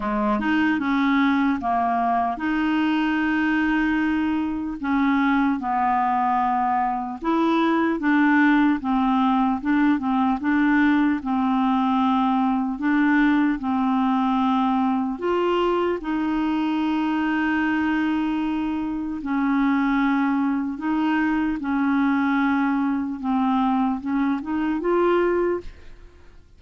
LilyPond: \new Staff \with { instrumentName = "clarinet" } { \time 4/4 \tempo 4 = 75 gis8 dis'8 cis'4 ais4 dis'4~ | dis'2 cis'4 b4~ | b4 e'4 d'4 c'4 | d'8 c'8 d'4 c'2 |
d'4 c'2 f'4 | dis'1 | cis'2 dis'4 cis'4~ | cis'4 c'4 cis'8 dis'8 f'4 | }